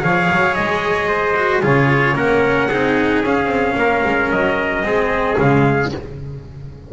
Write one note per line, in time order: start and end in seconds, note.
0.00 0.29 F3
0.00 1.34 G#4
0.00 1.08 C#5
0.00 0.54 F5
0.31 0.58 F#3
0.54 1.62 G#3
0.54 1.61 D#5
1.08 1.61 C5
1.35 1.62 F#4
1.61 2.14 C#3
1.61 2.15 F4
1.61 2.15 G#4
1.61 2.17 C#5
2.14 2.68 A#3
2.14 2.69 C#4
2.14 2.68 A#4
2.14 3.24 F#5
2.68 3.23 C4
2.68 3.24 D#4
2.68 3.75 G#4
3.23 3.46 C#4
3.23 4.83 C#4
3.23 4.31 F5
3.46 3.73 C4
3.76 4.03 A#3
3.76 4.85 A#4
4.04 4.31 G#3
4.31 4.82 F#3
4.31 5.38 D#5
4.82 5.35 G#3
4.82 5.37 C4
4.82 5.92 G#4
5.37 5.91 C#3
5.37 5.91 G#3
5.37 5.93 F5